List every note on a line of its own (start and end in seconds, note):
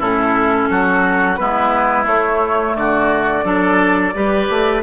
0.00 0.70 A2
0.00 1.39 C#4
0.00 0.69 E4
0.00 1.36 A4
0.70 1.39 F#3
0.70 1.40 F#4
1.36 2.06 G#3
1.36 2.05 B3
1.36 2.78 E4
1.36 2.05 B4
2.05 3.43 A3
2.05 2.75 A3
2.05 2.76 C#5
2.76 3.44 D3
2.76 3.45 F#4
2.76 4.83 D5
3.44 4.13 F#3
3.44 4.13 D4
3.44 4.14 A4
4.15 4.49 G3
4.15 4.83 G4
4.15 4.83 B4
4.50 4.83 A3